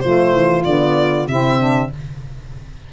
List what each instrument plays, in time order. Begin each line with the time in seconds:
0.00 tuba F3, saxophone A3 F4, violin C5
0.33 tuba E3
0.64 tuba D3, saxophone B3, violin D5
1.27 tuba C3, saxophone C4 E4, violin E5
1.59 saxophone D4